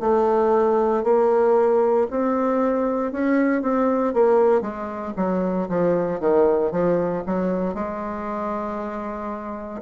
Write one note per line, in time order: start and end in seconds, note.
0.00 1.03 A3
1.03 2.07 A#3
2.10 3.12 C4
3.12 3.62 C#4
3.62 4.13 C4
4.13 4.61 A#3
4.61 5.13 G#3
5.16 5.68 F#3
5.68 6.20 F3
6.20 6.71 D#3
6.71 7.23 F3
7.26 7.74 F#3
7.74 9.81 G#3